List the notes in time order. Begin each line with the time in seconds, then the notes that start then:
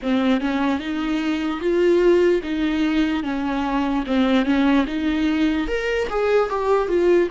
0.02 C4
0.40 C#4
0.79 D#4
1.60 F4
2.42 D#4
3.23 C#4
4.06 C4
4.45 C#4
4.86 D#4
5.67 A#4
6.09 G#4
6.49 G4
6.88 F4